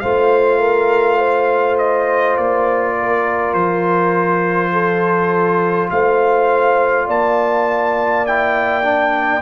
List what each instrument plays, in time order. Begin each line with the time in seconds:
0.00 tuba A3, trombone F4, horn C5, trumpet F5
0.60 horn A#4
1.18 horn C5
1.78 trumpet D#5
2.37 tuba A#3, trumpet D5
3.00 horn A#4
3.54 tuba F3, trumpet C5
4.73 horn A4
5.91 tuba A3, horn C5, trumpet F5
7.07 tuba A#3, horn D5, trumpet A5
8.26 trombone E4, trumpet G5
8.83 trombone D4